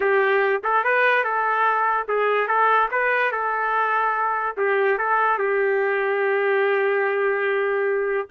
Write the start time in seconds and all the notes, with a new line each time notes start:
0.00 G4
0.63 A4
0.84 B4
1.24 A4
2.08 G#4
2.47 A4
2.91 B4
3.31 A4
4.56 G4
4.98 A4
5.38 G4